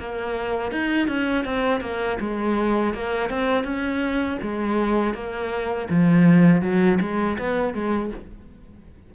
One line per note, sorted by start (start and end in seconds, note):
0.00 0.72 A#3
0.72 1.08 D#4
1.08 1.45 C#4
1.45 1.81 C4
1.81 2.18 A#3
2.21 2.95 G#3
2.95 3.30 A#3
3.30 3.64 C4
3.64 4.38 C#4
4.42 5.14 G#3
5.14 5.89 A#3
5.90 6.62 F3
6.62 6.99 F#3
7.01 7.38 G#3
7.39 7.74 B3
7.74 8.11 G#3